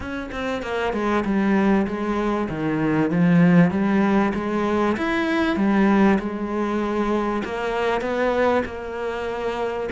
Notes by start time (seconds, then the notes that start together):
0.00 C#4
0.31 C4
0.62 A#3
0.93 G#3
1.24 G3
1.86 G#3
2.49 D#3
3.10 F3
3.71 G3
4.34 G#3
4.97 E4
5.56 G3
6.19 G#3
7.44 A#3
8.01 B3
8.65 A#3